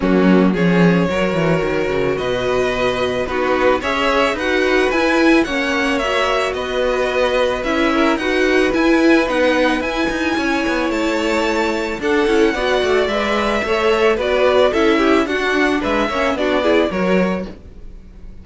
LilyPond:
<<
  \new Staff \with { instrumentName = "violin" } { \time 4/4 \tempo 4 = 110 fis'4 cis''2. | dis''2 b'4 e''4 | fis''4 gis''4 fis''4 e''4 | dis''2 e''4 fis''4 |
gis''4 fis''4 gis''2 | a''2 fis''2 | e''2 d''4 e''4 | fis''4 e''4 d''4 cis''4 | }
  \new Staff \with { instrumentName = "violin" } { \time 4/4 cis'4 gis'4 ais'2 | b'2 fis'4 cis''4 | b'2 cis''2 | b'2~ b'8 ais'8 b'4~ |
b'2. cis''4~ | cis''2 a'4 d''4~ | d''4 cis''4 b'4 a'8 g'8 | fis'4 b'8 cis''8 fis'8 gis'8 ais'4 | }
  \new Staff \with { instrumentName = "viola" } { \time 4/4 ais4 cis'4 fis'2~ | fis'2 dis'4 gis'4 | fis'4 e'4 cis'4 fis'4~ | fis'2 e'4 fis'4 |
e'4 dis'4 e'2~ | e'2 d'8 e'8 fis'4 | b'4 a'4 fis'4 e'4 | d'4. cis'8 d'8 e'8 fis'4 | }
  \new Staff \with { instrumentName = "cello" } { \time 4/4 fis4 f4 fis8 e8 dis8 cis8 | b,2 b4 cis'4 | dis'4 e'4 ais2 | b2 cis'4 dis'4 |
e'4 b4 e'8 dis'8 cis'8 b8 | a2 d'8 cis'8 b8 a8 | gis4 a4 b4 cis'4 | d'4 gis8 ais8 b4 fis4 | }
>>